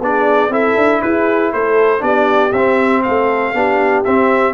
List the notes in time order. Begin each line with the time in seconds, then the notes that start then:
0.00 B3 D4 G#4 D5
0.49 C4 E4 A4 E5
0.77 D4
1.02 E4 G#4 B4
1.53 A3 A4 C5
1.99 B3 D4 G4 D5
2.52 C4 E5
3.03 A3 A4 F5
3.54 B3 D4 G4
4.04 C4 E5